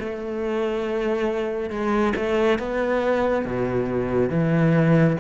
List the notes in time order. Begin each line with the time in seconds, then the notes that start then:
0.00 A3
1.70 G#3
2.16 A3
2.58 B3
3.45 B2
4.30 E3